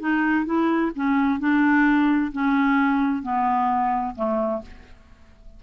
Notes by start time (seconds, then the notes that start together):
0.00 D#4
0.46 E4
0.96 C#4
1.40 D4
2.32 C#4
3.23 B3
4.16 A3